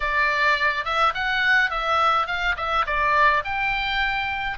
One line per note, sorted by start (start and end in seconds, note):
0.00 0.84 D5
0.84 1.13 E5
1.14 1.70 F#5
1.70 2.26 E5
2.26 2.55 F5
2.57 2.85 E5
2.86 3.43 D5
3.44 4.58 G5